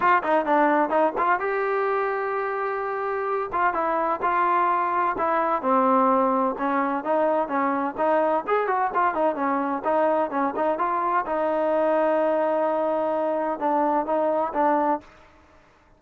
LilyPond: \new Staff \with { instrumentName = "trombone" } { \time 4/4 \tempo 4 = 128 f'8 dis'8 d'4 dis'8 f'8 g'4~ | g'2.~ g'8 f'8 | e'4 f'2 e'4 | c'2 cis'4 dis'4 |
cis'4 dis'4 gis'8 fis'8 f'8 dis'8 | cis'4 dis'4 cis'8 dis'8 f'4 | dis'1~ | dis'4 d'4 dis'4 d'4 | }